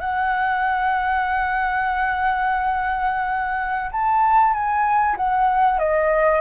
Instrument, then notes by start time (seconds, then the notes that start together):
flute
0.00 F#5
3.92 A5
4.54 G#5
5.17 F#5
5.79 D#5